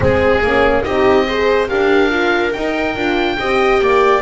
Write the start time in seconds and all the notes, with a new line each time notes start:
0.00 G#3 C4 G#4
0.42 A#3 C#4
0.83 C4 D#4 G4 D#5
1.26 G#4 C5
1.67 D4 G4 A#4 F5
2.09 F4
2.52 D#4 G5
2.95 D4 F4
3.38 C4 G4 D#5
3.81 A#3 D5